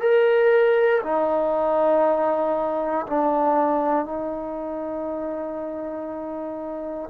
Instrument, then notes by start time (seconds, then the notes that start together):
trombone
0.00 A#4
1.03 D#4
3.06 D4
4.05 D#4